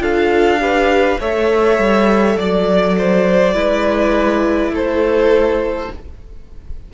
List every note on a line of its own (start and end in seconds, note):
0.00 1.18 D4
0.00 0.59 F4
0.00 0.61 A4
0.00 1.20 F5
0.59 1.18 G4
0.59 1.20 B4
1.20 1.78 A3
1.20 3.54 A4
1.20 2.37 C#5
1.20 2.39 E5
1.78 2.37 G3
2.37 3.54 F#3
2.37 2.96 D5
2.37 4.75 D5
2.98 3.54 C5
3.54 4.71 G#3
3.54 5.89 E4
3.54 4.72 B4
4.71 5.88 A3
4.71 5.92 A4
4.71 5.93 C5